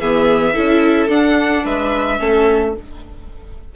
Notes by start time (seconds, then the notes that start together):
0.00 E3 B3 G#4 E5
0.54 C#4 E4 A4
1.08 D4 F#5
1.64 G#3 B4 E5
2.19 A3 C#4 A4